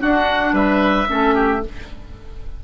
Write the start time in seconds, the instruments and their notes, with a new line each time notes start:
0.00 clarinet D4, bassoon D4, oboe F#4 F#5
0.53 bassoon G3, oboe B4 E5
1.07 bassoon A3, clarinet C#4, oboe A4
1.35 oboe G4